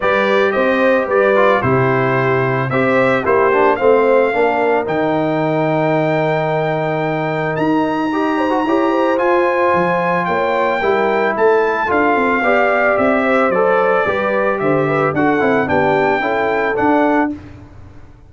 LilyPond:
<<
  \new Staff \with { instrumentName = "trumpet" } { \time 4/4 \tempo 4 = 111 d''4 dis''4 d''4 c''4~ | c''4 e''4 c''4 f''4~ | f''4 g''2.~ | g''2 ais''2~ |
ais''4 gis''2 g''4~ | g''4 a''4 f''2 | e''4 d''2 e''4 | fis''4 g''2 fis''4 | }
  \new Staff \with { instrumentName = "horn" } { \time 4/4 b'4 c''4 b'4 g'4~ | g'4 c''4 g'4 c''4 | ais'1~ | ais'2. dis''8 c''8 |
cis''8 c''2~ c''8 cis''4 | ais'4 a'2 d''4~ | d''8 c''4. b'4 c''8 b'8 | a'4 g'4 a'2 | }
  \new Staff \with { instrumentName = "trombone" } { \time 4/4 g'2~ g'8 f'8 e'4~ | e'4 g'4 e'8 d'8 c'4 | d'4 dis'2.~ | dis'2. g'8. fis'16 |
g'4 f'2. | e'2 f'4 g'4~ | g'4 a'4 g'2 | fis'8 e'8 d'4 e'4 d'4 | }
  \new Staff \with { instrumentName = "tuba" } { \time 4/4 g4 c'4 g4 c4~ | c4 c'4 ais4 a4 | ais4 dis2.~ | dis2 dis'2 |
e'4 f'4 f4 ais4 | g4 a4 d'8 c'8 b4 | c'4 fis4 g4 d4 | d'8 c'8 b4 cis'4 d'4 | }
>>